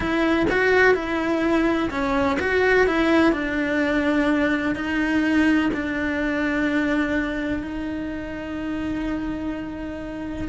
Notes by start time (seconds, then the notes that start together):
0.00 E4
0.50 F#4
0.94 E4
1.90 C#4
2.39 F#4
2.87 E4
3.32 D4
4.75 D#4
5.73 D4
7.62 D#4